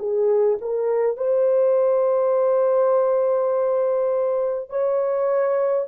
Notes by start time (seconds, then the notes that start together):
0.00 G#4
0.61 A#4
1.17 C5
4.70 C#5